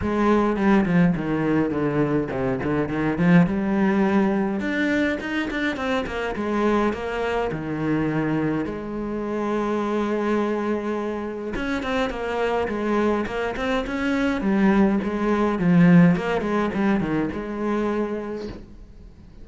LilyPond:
\new Staff \with { instrumentName = "cello" } { \time 4/4 \tempo 4 = 104 gis4 g8 f8 dis4 d4 | c8 d8 dis8 f8 g2 | d'4 dis'8 d'8 c'8 ais8 gis4 | ais4 dis2 gis4~ |
gis1 | cis'8 c'8 ais4 gis4 ais8 c'8 | cis'4 g4 gis4 f4 | ais8 gis8 g8 dis8 gis2 | }